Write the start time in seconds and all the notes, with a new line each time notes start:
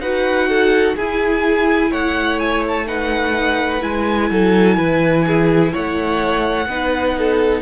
0.00 D#4 F#4 B4 F#5
0.49 A4
0.97 E4 G#4 G#5
1.91 A3 C#5 F#5
2.40 G#5
2.68 A5
2.87 D#4 B4 F#5
3.81 G#3 E4 G#5
4.31 F#3 A4
4.78 E3 B4
5.27 G#4
5.73 A3 C#5 F#5
6.67 B3 D#4 B4
7.19 A4